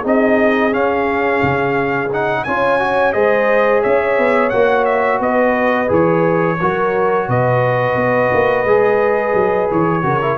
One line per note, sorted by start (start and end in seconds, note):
0.00 0.72 C4
0.00 0.71 D#4
0.00 2.41 G#4
0.07 0.73 D#5
0.71 2.09 C#4
0.71 1.41 C#4
0.71 2.11 F5
1.42 2.46 C#3
2.12 2.47 D#4
2.12 2.44 F#5
2.44 3.15 C#4
2.44 2.79 F4
2.44 3.14 C#5
2.44 3.13 G#5
2.79 3.14 F#4
3.13 3.84 G#3
3.13 4.52 G#4
3.13 3.83 C5
3.13 3.82 D#5
3.83 4.18 C#4
3.83 5.21 C#5
3.83 4.50 E5
4.18 4.52 B3
4.50 5.20 A#3
4.50 5.87 F#4
4.50 4.84 F#5
4.85 5.19 E5
5.20 5.89 B3
5.20 6.59 B4
5.20 5.91 D#5
5.87 6.59 E3
5.87 6.56 G#4
5.87 7.29 C#5
6.60 7.28 F#3
6.60 8.67 F#4
6.60 7.28 A#4
7.28 7.96 B2
7.28 10.04 B4
7.28 9.71 D#5
7.96 8.30 B3
8.34 8.64 A#3
8.64 9.33 G#3
8.64 10.02 G#4
9.34 9.69 F#3
9.71 10.03 E3
9.71 10.37 C#5
10.02 10.37 C#3
10.02 10.20 F#4
10.02 10.37 A#4
10.22 10.37 E4